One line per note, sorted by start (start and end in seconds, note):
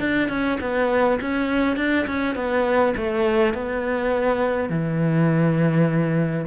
0.00 0.29 D4
0.29 0.58 C#4
0.61 1.20 B3
1.21 1.77 C#4
1.77 2.06 D4
2.07 2.36 C#4
2.36 2.95 B3
2.97 3.54 A3
3.54 4.70 B3
4.70 6.46 E3